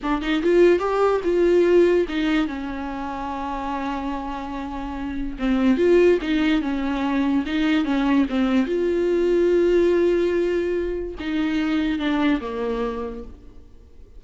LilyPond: \new Staff \with { instrumentName = "viola" } { \time 4/4 \tempo 4 = 145 d'8 dis'8 f'4 g'4 f'4~ | f'4 dis'4 cis'2~ | cis'1~ | cis'4 c'4 f'4 dis'4 |
cis'2 dis'4 cis'4 | c'4 f'2.~ | f'2. dis'4~ | dis'4 d'4 ais2 | }